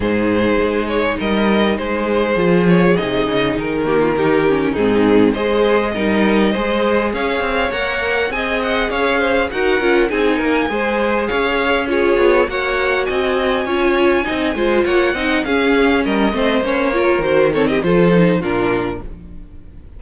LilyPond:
<<
  \new Staff \with { instrumentName = "violin" } { \time 4/4 \tempo 4 = 101 c''4. cis''8 dis''4 c''4~ | c''8 cis''8 dis''4 ais'2 | gis'4 dis''2. | f''4 fis''4 gis''8 fis''8 f''4 |
fis''4 gis''2 f''4 | cis''4 fis''4 gis''2~ | gis''4 fis''4 f''4 dis''4 | cis''4 c''8 cis''16 dis''16 c''4 ais'4 | }
  \new Staff \with { instrumentName = "violin" } { \time 4/4 gis'2 ais'4 gis'4~ | gis'2~ gis'8 g'16 f'16 g'4 | dis'4 c''4 ais'4 c''4 | cis''2 dis''4 cis''8 c''8 |
ais'4 gis'8 ais'8 c''4 cis''4 | gis'4 cis''4 dis''4 cis''4 | dis''8 c''8 cis''8 dis''8 gis'4 ais'8 c''8~ | c''8 ais'4 a'16 g'16 a'4 f'4 | }
  \new Staff \with { instrumentName = "viola" } { \time 4/4 dis'1 | f'4 dis'4. ais8 dis'8 cis'8 | c'4 gis'4 dis'4 gis'4~ | gis'4 ais'4 gis'2 |
fis'8 f'8 dis'4 gis'2 | f'4 fis'2 f'4 | dis'8 f'4 dis'8 cis'4. c'8 | cis'8 f'8 fis'8 c'8 f'8 dis'8 d'4 | }
  \new Staff \with { instrumentName = "cello" } { \time 4/4 gis,4 gis4 g4 gis4 | f4 c8 cis8 dis2 | gis,4 gis4 g4 gis4 | cis'8 c'8 ais4 c'4 cis'4 |
dis'8 cis'8 c'8 ais8 gis4 cis'4~ | cis'8 b8 ais4 c'4 cis'4 | c'8 gis8 ais8 c'8 cis'4 g8 a8 | ais4 dis4 f4 ais,4 | }
>>